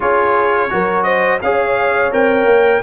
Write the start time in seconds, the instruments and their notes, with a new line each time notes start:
0.00 tuba C#4, trombone F4, horn G#4, trumpet C#5
0.69 tuba F#3, trombone F#4, horn A#4
1.03 horn C5, trumpet D#5
1.41 tuba C#4, trombone G#4, horn C#5, trumpet F5
2.11 tuba C4, trombone A#4, trumpet G5
2.45 tuba A#3